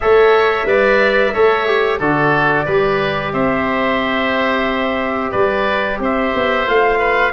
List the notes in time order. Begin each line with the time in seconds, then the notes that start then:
0.00 A3 A4 C#5 E5
0.65 G3 B4 D5
1.33 A3 A4 C#5
1.66 G4
1.99 D3 F#4 A4 D5
2.65 G3 G4 B4
3.32 C4 C5 E5
5.31 G3 B4 D5
5.99 C4 C5 E5
6.34 B3
6.66 A3 F4 F5
6.98 B4